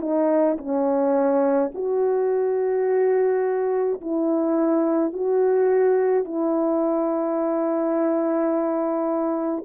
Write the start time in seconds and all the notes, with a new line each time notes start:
0.00 D#4
0.58 C#4
1.74 F#4
4.01 E4
5.13 F#4
6.25 E4